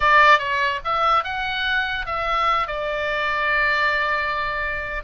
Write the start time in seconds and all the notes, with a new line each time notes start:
0.00 D5
0.38 C#5
0.84 E5
1.23 F#5
2.05 E5
2.67 D5